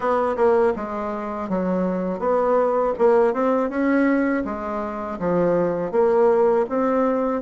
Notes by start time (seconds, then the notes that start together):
0.00 B3
0.36 A#3
0.76 G#3
1.49 F#3
2.19 B3
2.98 A#3
3.33 C4
3.69 C#4
4.44 G#3
5.19 F3
5.91 A#3
6.69 C4